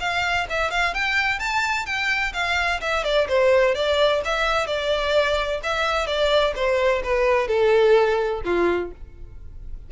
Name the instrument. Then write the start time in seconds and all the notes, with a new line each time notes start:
violin
0.00 F5
0.49 E5
0.71 F5
0.94 G5
1.39 A5
1.86 G5
2.33 F5
2.81 E5
3.04 D5
3.29 C5
3.75 D5
4.25 E5
4.67 D5
5.63 E5
6.07 D5
6.55 C5
7.04 B4
7.48 A4
8.45 F4